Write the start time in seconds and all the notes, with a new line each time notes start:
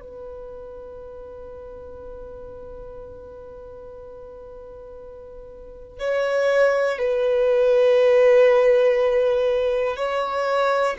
0.00 B4
5.99 C#5
6.98 B4
9.96 C#5